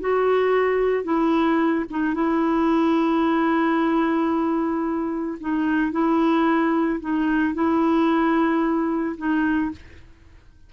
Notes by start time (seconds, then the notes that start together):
0.00 F#4
1.04 E4
1.90 D#4
2.14 E4
5.40 D#4
5.91 E4
7.00 D#4
7.54 E4
9.17 D#4